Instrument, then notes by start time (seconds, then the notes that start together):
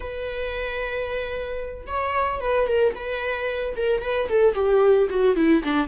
viola
0.00 B4
1.86 C#5
2.40 B4
2.67 A#4
2.94 B4
3.76 A#4
4.01 B4
4.28 A4
4.54 G4
5.09 F#4
5.36 E4
5.63 D4